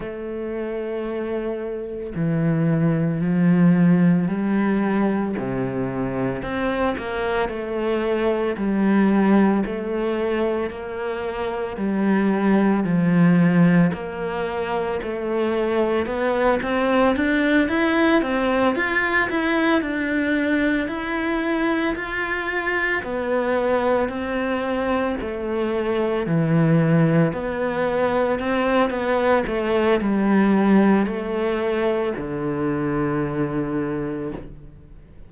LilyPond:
\new Staff \with { instrumentName = "cello" } { \time 4/4 \tempo 4 = 56 a2 e4 f4 | g4 c4 c'8 ais8 a4 | g4 a4 ais4 g4 | f4 ais4 a4 b8 c'8 |
d'8 e'8 c'8 f'8 e'8 d'4 e'8~ | e'8 f'4 b4 c'4 a8~ | a8 e4 b4 c'8 b8 a8 | g4 a4 d2 | }